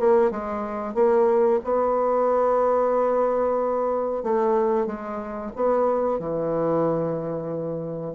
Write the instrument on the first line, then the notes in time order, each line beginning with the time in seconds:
bassoon
0.00 A#3
0.31 G#3
0.95 A#3
1.64 B3
4.24 A3
4.87 G#3
5.56 B3
6.20 E3